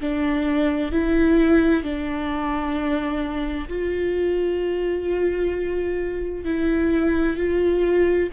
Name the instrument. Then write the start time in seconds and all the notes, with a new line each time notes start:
viola
0.00 D4
0.91 E4
1.83 D4
3.68 F4
6.44 E4
7.37 F4